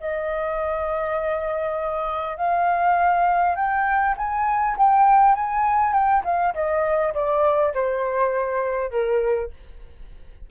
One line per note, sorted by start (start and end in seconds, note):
0.00 2.36 D#5
2.36 3.55 F5
3.55 4.15 G5
4.17 4.76 G#5
4.77 5.35 G5
5.35 5.93 G#5
5.93 6.23 G5
6.24 6.54 F5
6.54 7.13 D#5
7.14 7.73 D5
7.74 8.91 C5
8.91 9.50 A#4